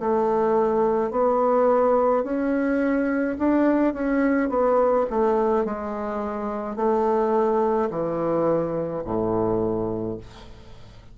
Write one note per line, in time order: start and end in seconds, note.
0.00 1.11 A3
1.11 2.24 B3
2.24 3.37 C#4
3.39 3.94 D4
3.94 4.50 C#4
4.50 5.06 B3
5.10 5.65 A3
5.65 6.76 G#3
6.76 7.89 A3
7.90 9.04 E3
9.05 10.18 A2